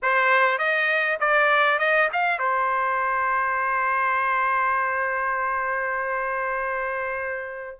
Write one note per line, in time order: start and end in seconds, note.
0.02 0.58 C5
0.58 1.18 D#5
1.19 1.78 D5
1.78 2.08 D#5
2.12 2.38 F5
2.38 7.78 C5